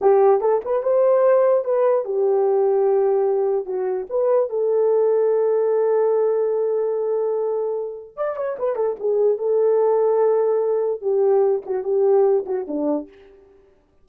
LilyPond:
\new Staff \with { instrumentName = "horn" } { \time 4/4 \tempo 4 = 147 g'4 a'8 b'8 c''2 | b'4 g'2.~ | g'4 fis'4 b'4 a'4~ | a'1~ |
a'1 | d''8 cis''8 b'8 a'8 gis'4 a'4~ | a'2. g'4~ | g'8 fis'8 g'4. fis'8 d'4 | }